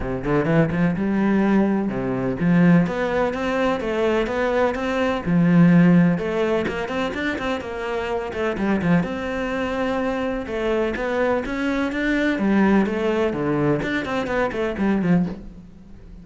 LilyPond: \new Staff \with { instrumentName = "cello" } { \time 4/4 \tempo 4 = 126 c8 d8 e8 f8 g2 | c4 f4 b4 c'4 | a4 b4 c'4 f4~ | f4 a4 ais8 c'8 d'8 c'8 |
ais4. a8 g8 f8 c'4~ | c'2 a4 b4 | cis'4 d'4 g4 a4 | d4 d'8 c'8 b8 a8 g8 f8 | }